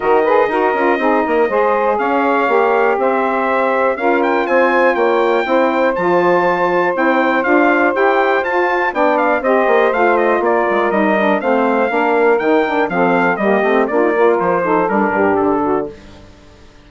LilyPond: <<
  \new Staff \with { instrumentName = "trumpet" } { \time 4/4 \tempo 4 = 121 dis''1 | f''2 e''2 | f''8 g''8 gis''4 g''2 | a''2 g''4 f''4 |
g''4 a''4 g''8 f''8 dis''4 | f''8 dis''8 d''4 dis''4 f''4~ | f''4 g''4 f''4 dis''4 | d''4 c''4 ais'4 a'4 | }
  \new Staff \with { instrumentName = "saxophone" } { \time 4/4 ais'8 b'8 ais'4 gis'8 ais'8 c''4 | cis''2 c''2 | ais'4 c''4 cis''4 c''4~ | c''1~ |
c''2 d''4 c''4~ | c''4 ais'2 c''4 | ais'2 a'4 g'4 | f'8 ais'4 a'4 g'4 fis'8 | }
  \new Staff \with { instrumentName = "saxophone" } { \time 4/4 fis'8 gis'8 fis'8 f'8 dis'4 gis'4~ | gis'4 g'2. | f'2. e'4 | f'2 e'4 f'4 |
g'4 f'4 d'4 g'4 | f'2 dis'8 d'8 c'4 | d'4 dis'8 d'8 c'4 ais8 c'8 | d'16 dis'16 f'4 dis'8 d'2 | }
  \new Staff \with { instrumentName = "bassoon" } { \time 4/4 dis4 dis'8 cis'8 c'8 ais8 gis4 | cis'4 ais4 c'2 | cis'4 c'4 ais4 c'4 | f2 c'4 d'4 |
e'4 f'4 b4 c'8 ais8 | a4 ais8 gis8 g4 a4 | ais4 dis4 f4 g8 a8 | ais4 f4 g8 g,8 d4 | }
>>